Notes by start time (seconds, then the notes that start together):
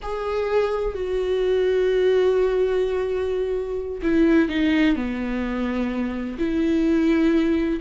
0.02 G#4
0.94 F#4
4.02 E4
4.48 D#4
4.96 B3
6.38 E4